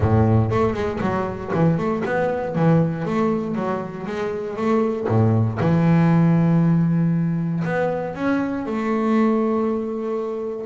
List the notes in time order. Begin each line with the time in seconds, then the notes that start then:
0.00 A2
0.50 A3
0.73 G#3
1.01 F#3
1.54 E3
1.77 A3
2.05 B3
2.55 E3
3.05 A3
3.55 F#3
4.06 G#3
4.56 A3
5.07 A2
5.60 E3
7.64 B3
8.15 C#4
8.66 A3